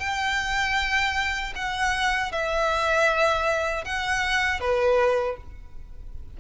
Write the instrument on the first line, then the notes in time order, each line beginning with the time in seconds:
violin
0.00 G5
1.56 F#5
2.32 E5
3.85 F#5
4.60 B4